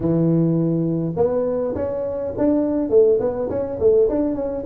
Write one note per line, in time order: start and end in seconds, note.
0.00 1.15 E3
1.16 1.74 B3
1.75 2.33 C#4
2.37 2.89 D4
2.89 3.18 A3
3.20 3.49 B3
3.49 3.78 C#4
3.79 4.08 A3
4.09 4.35 D4
4.35 4.64 C#4